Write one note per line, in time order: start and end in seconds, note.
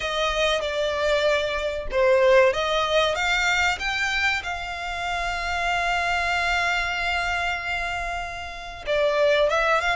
0.00 0.61 D#5
0.61 1.87 D5
1.91 2.53 C5
2.53 3.15 D#5
3.15 3.78 F5
3.79 4.42 G5
4.43 8.85 F5
8.86 9.49 D5
9.49 9.80 E5
9.80 9.96 F5